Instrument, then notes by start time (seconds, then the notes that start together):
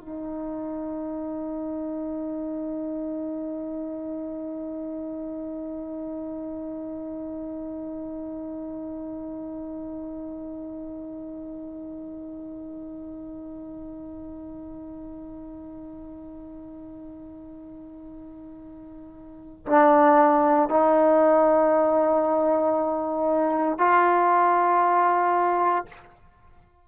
trombone
0.00 D#4
19.66 D4
20.69 D#4
23.78 F4